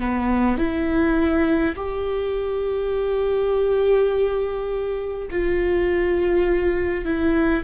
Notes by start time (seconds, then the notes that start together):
0.00 B3
0.58 E4
1.76 G4
5.32 F4
7.05 E4